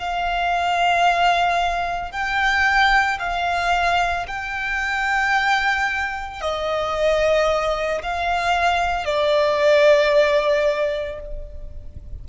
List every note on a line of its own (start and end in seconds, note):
0.00 2.12 F5
2.12 3.19 G5
3.19 4.27 F5
4.28 6.42 G5
6.42 8.03 D#5
8.03 9.05 F5
9.05 11.20 D5